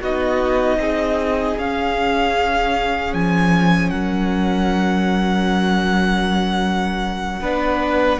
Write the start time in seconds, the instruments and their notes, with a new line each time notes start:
0.00 cello B3, viola D#4, violin F#4 D#5
0.77 cello C4, violin G#4
1.58 cello C#4, viola C#4, violin F5
3.13 cello F3, violin G#5
3.90 cello F#3, violin A#4 F#5
7.41 cello B3, viola D4, violin B4